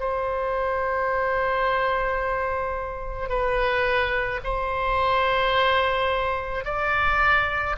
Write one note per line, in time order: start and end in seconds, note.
0.00 3.29 C5
3.29 4.40 B4
4.44 6.65 C5
6.65 7.76 D5